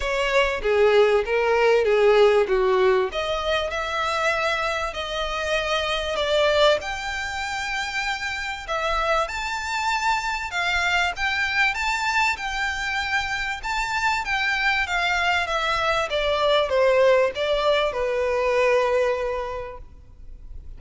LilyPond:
\new Staff \with { instrumentName = "violin" } { \time 4/4 \tempo 4 = 97 cis''4 gis'4 ais'4 gis'4 | fis'4 dis''4 e''2 | dis''2 d''4 g''4~ | g''2 e''4 a''4~ |
a''4 f''4 g''4 a''4 | g''2 a''4 g''4 | f''4 e''4 d''4 c''4 | d''4 b'2. | }